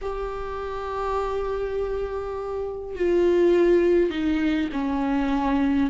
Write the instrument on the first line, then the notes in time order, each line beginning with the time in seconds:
viola
0.01 G4
2.95 F4
4.10 D#4
4.72 C#4